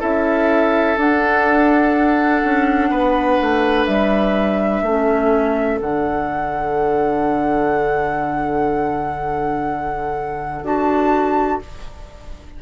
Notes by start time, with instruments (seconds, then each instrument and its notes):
0.00 bassoon C#4, clarinet E4, oboe A4, flute E5
0.98 bassoon D4, clarinet D4, flute F#5
2.44 bassoon C#4
2.91 bassoon B3, oboe B4
3.41 bassoon A3
3.86 bassoon G3, flute E5
4.82 bassoon A3, clarinet C#4, oboe A4
5.81 bassoon D3, clarinet D4, flute F#5
10.63 bassoon D4, clarinet F#4, flute A5